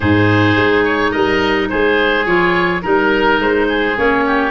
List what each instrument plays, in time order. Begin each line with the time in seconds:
0.00 tuba G#2, clarinet D#4, oboe G#4 C5
0.56 tuba G#3
0.84 oboe C#5
1.11 tuba G3, oboe A#4 D#5
1.69 tuba G#3, oboe G#4 C5
2.25 tuba F3, clarinet F4, oboe C#5
2.81 tuba G3, clarinet D#4, oboe A#4
3.39 tuba G#3, oboe C5
3.68 oboe G#4
3.96 tuba A#3, clarinet C#4, oboe C#5
4.26 oboe G4